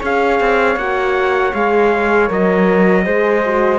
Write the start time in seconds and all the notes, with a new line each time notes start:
0.00 C#4 G#4 C#5 F5
0.40 C4
0.76 A#3 F#4 F#5
1.54 G#3 G#4 F5
2.28 F#3 A#4 D#5
3.05 G#3 G#4 C5
3.46 F#4